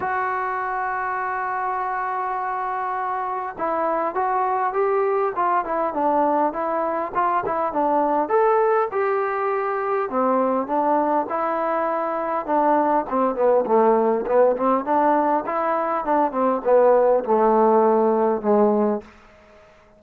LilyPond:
\new Staff \with { instrumentName = "trombone" } { \time 4/4 \tempo 4 = 101 fis'1~ | fis'2 e'4 fis'4 | g'4 f'8 e'8 d'4 e'4 | f'8 e'8 d'4 a'4 g'4~ |
g'4 c'4 d'4 e'4~ | e'4 d'4 c'8 b8 a4 | b8 c'8 d'4 e'4 d'8 c'8 | b4 a2 gis4 | }